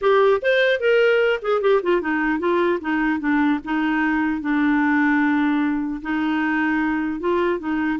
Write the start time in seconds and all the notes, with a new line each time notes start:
0.01 G4
0.42 C5
0.80 A#4
1.41 G#4
1.61 G4
1.82 F4
2.01 D#4
2.39 F4
2.81 D#4
3.19 D4
3.64 D#4
4.41 D4
6.02 D#4
7.20 F4
7.59 D#4